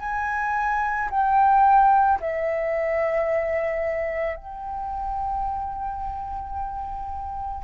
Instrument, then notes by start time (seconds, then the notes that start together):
flute
0.00 G#5
1.10 G5
2.20 E5
4.36 G5